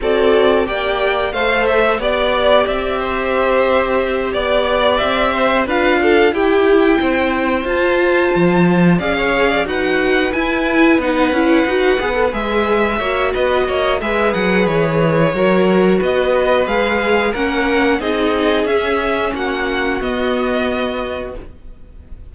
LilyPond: <<
  \new Staff \with { instrumentName = "violin" } { \time 4/4 \tempo 4 = 90 d''4 g''4 f''8 e''8 d''4 | e''2~ e''8 d''4 e''8~ | e''8 f''4 g''2 a''8~ | a''4. f''4 fis''4 gis''8~ |
gis''8 fis''2 e''4. | dis''4 e''8 fis''8 cis''2 | dis''4 f''4 fis''4 dis''4 | e''4 fis''4 dis''2 | }
  \new Staff \with { instrumentName = "violin" } { \time 4/4 a'4 d''4 c''4 d''4~ | d''8 c''2 d''4. | c''8 b'8 a'8 g'4 c''4.~ | c''4. d''16 cis''8 d''16 b'4.~ |
b'2.~ b'8 cis''8 | b'8 cis''8 b'2 ais'4 | b'2 ais'4 gis'4~ | gis'4 fis'2. | }
  \new Staff \with { instrumentName = "viola" } { \time 4/4 fis'4 g'4 a'4 g'4~ | g'1~ | g'8 f'4 e'2 f'8~ | f'4. gis'4 fis'4 e'8~ |
e'8 dis'8 e'8 fis'8 gis'16 a'16 gis'4 fis'8~ | fis'4 gis'2 fis'4~ | fis'4 gis'4 cis'4 dis'4 | cis'2 b2 | }
  \new Staff \with { instrumentName = "cello" } { \time 4/4 c'4 ais4 a4 b4 | c'2~ c'8 b4 c'8~ | c'8 d'4 e'4 c'4 f'8~ | f'8 f4 cis'4 dis'4 e'8~ |
e'8 b8 cis'8 dis'8 b8 gis4 ais8 | b8 ais8 gis8 fis8 e4 fis4 | b4 gis4 ais4 c'4 | cis'4 ais4 b2 | }
>>